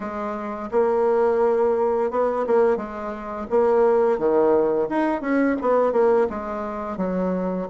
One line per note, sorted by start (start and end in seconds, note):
0.00 0.69 G#3
0.71 2.10 A#3
2.10 2.45 B3
2.46 2.77 A#3
2.77 3.46 G#3
3.49 4.18 A#3
4.18 4.88 D#3
4.89 5.21 D#4
5.21 5.56 C#4
5.61 5.92 B3
5.92 6.27 A#3
6.29 6.97 G#3
6.97 7.67 F#3